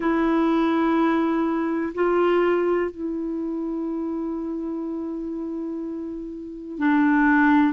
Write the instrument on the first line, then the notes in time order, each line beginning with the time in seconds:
clarinet
0.00 E4
1.94 F4
2.91 E4
6.78 D4